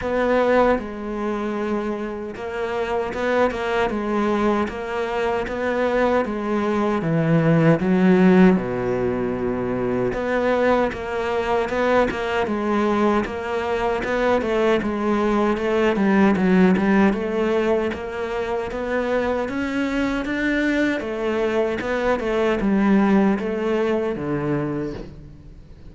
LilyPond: \new Staff \with { instrumentName = "cello" } { \time 4/4 \tempo 4 = 77 b4 gis2 ais4 | b8 ais8 gis4 ais4 b4 | gis4 e4 fis4 b,4~ | b,4 b4 ais4 b8 ais8 |
gis4 ais4 b8 a8 gis4 | a8 g8 fis8 g8 a4 ais4 | b4 cis'4 d'4 a4 | b8 a8 g4 a4 d4 | }